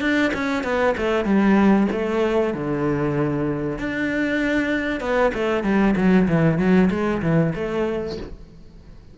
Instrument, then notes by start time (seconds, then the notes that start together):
cello
0.00 D4
0.34 C#4
0.63 B3
0.97 A3
1.25 G3
1.92 A3
2.54 D3
3.78 D4
5.00 B3
5.34 A3
5.64 G3
5.96 F#3
6.28 E3
6.58 F#3
6.90 G#3
7.22 E3
7.55 A3